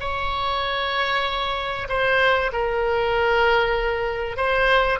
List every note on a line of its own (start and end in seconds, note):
0.00 1.88 C#5
1.89 2.51 C5
2.52 4.36 A#4
4.36 4.99 C5